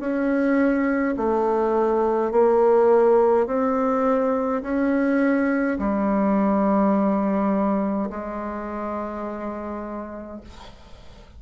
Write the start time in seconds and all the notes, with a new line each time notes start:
0.00 C#4
1.17 A3
2.32 A#3
3.47 C4
4.63 C#4
5.79 G3
8.10 G#3